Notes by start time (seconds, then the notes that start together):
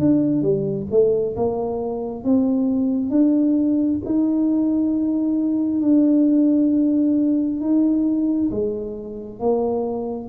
0.00 D4
0.42 G3
0.92 A3
1.36 A#3
2.25 C4
3.11 D4
4.05 D#4
5.82 D4
7.61 D#4
8.52 G#3
9.40 A#3